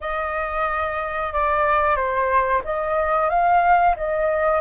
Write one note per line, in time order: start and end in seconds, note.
0.00 1.32 D#5
1.32 1.96 D5
1.96 2.62 C5
2.64 3.29 D#5
3.29 3.95 F5
3.96 4.60 D#5